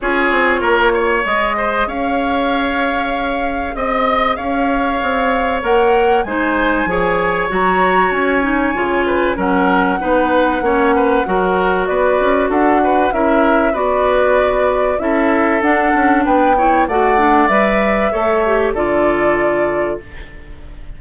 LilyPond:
<<
  \new Staff \with { instrumentName = "flute" } { \time 4/4 \tempo 4 = 96 cis''2 dis''4 f''4~ | f''2 dis''4 f''4~ | f''4 fis''4 gis''2 | ais''4 gis''2 fis''4~ |
fis''2. d''4 | fis''4 e''4 d''2 | e''4 fis''4 g''4 fis''4 | e''2 d''2 | }
  \new Staff \with { instrumentName = "oboe" } { \time 4/4 gis'4 ais'8 cis''4 c''8 cis''4~ | cis''2 dis''4 cis''4~ | cis''2 c''4 cis''4~ | cis''2~ cis''8 b'8 ais'4 |
b'4 cis''8 b'8 ais'4 b'4 | a'8 b'8 ais'4 b'2 | a'2 b'8 cis''8 d''4~ | d''4 cis''4 a'2 | }
  \new Staff \with { instrumentName = "clarinet" } { \time 4/4 f'2 gis'2~ | gis'1~ | gis'4 ais'4 dis'4 gis'4 | fis'4. dis'8 f'4 cis'4 |
dis'4 cis'4 fis'2~ | fis'4 e'4 fis'2 | e'4 d'4. e'8 fis'8 d'8 | b'4 a'8 g'8 f'2 | }
  \new Staff \with { instrumentName = "bassoon" } { \time 4/4 cis'8 c'8 ais4 gis4 cis'4~ | cis'2 c'4 cis'4 | c'4 ais4 gis4 f4 | fis4 cis'4 cis4 fis4 |
b4 ais4 fis4 b8 cis'8 | d'4 cis'4 b2 | cis'4 d'8 cis'8 b4 a4 | g4 a4 d2 | }
>>